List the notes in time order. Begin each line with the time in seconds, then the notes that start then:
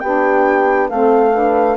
0.00 B3 D4 G4 G5
0.90 A3 C4 A4 F5
1.33 D4 B4